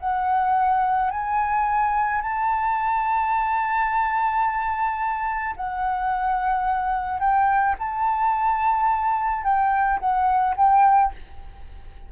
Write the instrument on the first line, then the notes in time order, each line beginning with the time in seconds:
flute
0.00 F#5
1.11 G#5
2.22 A5
5.57 F#5
7.20 G5
7.79 A5
9.44 G5
9.99 F#5
10.57 G5